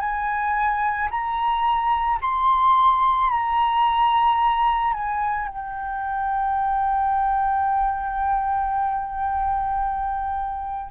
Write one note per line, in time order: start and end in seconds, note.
0.00 1.09 G#5
1.11 2.20 A#5
2.22 3.30 C6
3.30 4.93 A#5
4.93 5.48 G#5
5.48 10.91 G5